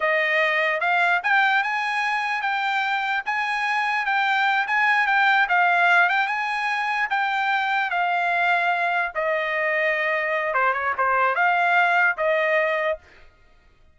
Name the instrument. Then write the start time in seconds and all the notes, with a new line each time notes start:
trumpet
0.00 D#5
0.80 F5
1.23 G5
1.63 G#5
2.41 G5
3.25 G#5
4.05 G5
4.67 G#5
5.06 G5
5.48 F5
6.09 G5
6.27 G#5
7.10 G5
7.90 F5
9.15 D#5
10.54 C5
10.73 C#5
10.97 C5
11.35 F5
12.17 D#5